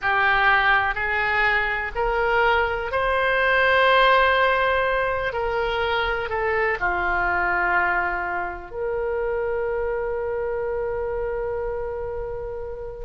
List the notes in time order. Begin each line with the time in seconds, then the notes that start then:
0.01 G4
0.95 G#4
1.95 A#4
2.91 C5
5.32 A#4
6.29 A4
6.80 F4
8.71 A#4